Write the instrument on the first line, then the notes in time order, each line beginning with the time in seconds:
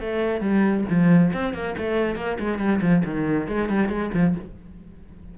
cello
0.00 A3
0.41 G3
0.89 F3
1.33 C4
1.54 A#3
1.78 A3
2.16 A#3
2.39 G#3
2.58 G3
2.81 F3
3.05 D#3
3.48 G#3
3.69 G3
3.89 G#3
4.14 F3